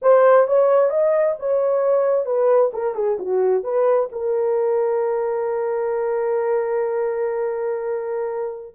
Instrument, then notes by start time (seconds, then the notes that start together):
horn
0.01 C5
0.47 C#5
0.90 D#5
1.39 C#5
2.25 B4
2.73 A#4
2.94 G#4
3.19 F#4
3.63 B4
4.12 A#4